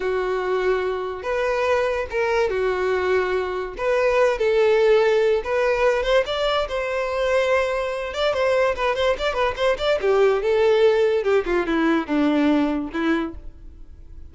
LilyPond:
\new Staff \with { instrumentName = "violin" } { \time 4/4 \tempo 4 = 144 fis'2. b'4~ | b'4 ais'4 fis'2~ | fis'4 b'4. a'4.~ | a'4 b'4. c''8 d''4 |
c''2.~ c''8 d''8 | c''4 b'8 c''8 d''8 b'8 c''8 d''8 | g'4 a'2 g'8 f'8 | e'4 d'2 e'4 | }